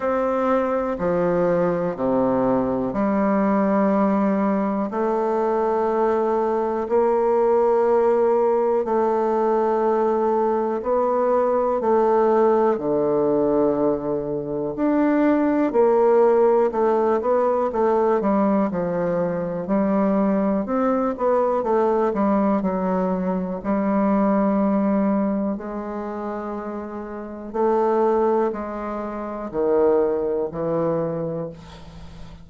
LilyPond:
\new Staff \with { instrumentName = "bassoon" } { \time 4/4 \tempo 4 = 61 c'4 f4 c4 g4~ | g4 a2 ais4~ | ais4 a2 b4 | a4 d2 d'4 |
ais4 a8 b8 a8 g8 f4 | g4 c'8 b8 a8 g8 fis4 | g2 gis2 | a4 gis4 dis4 e4 | }